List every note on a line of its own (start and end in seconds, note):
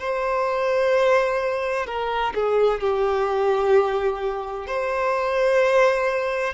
0.00 1.87 C5
1.87 2.34 A#4
2.35 2.81 G#4
2.81 4.67 G4
4.67 6.54 C5